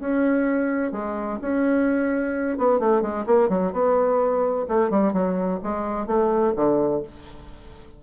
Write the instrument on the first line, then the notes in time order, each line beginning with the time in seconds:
bassoon
0.00 C#4
0.92 G#3
1.41 C#4
2.58 B3
2.80 A3
3.02 G#3
3.26 A#3
3.49 F#3
3.73 B3
4.68 A3
4.90 G3
5.13 F#3
5.63 G#3
6.07 A3
6.56 D3